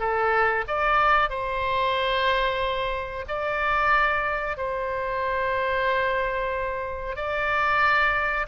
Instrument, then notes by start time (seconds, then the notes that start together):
oboe
0.00 A4
0.68 D5
1.30 C5
3.28 D5
4.58 C5
7.17 D5